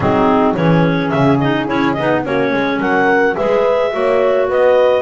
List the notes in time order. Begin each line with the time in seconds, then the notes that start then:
0.00 F#3 C4 D#4 G#4
0.55 E3 C#4 G#4 C#5
1.10 C#3 E5
1.39 D#4 D#5
1.66 C#4 E4 C#5
1.93 B3 D#4 D#5
2.23 A#3 C#4 F#4 C#5
2.52 G#3 G#4
2.79 F#3 A#4 F#5
3.35 G#3 G#4 B4 E5
3.91 A#3 F#4 C#5
4.48 B3 B4 D#5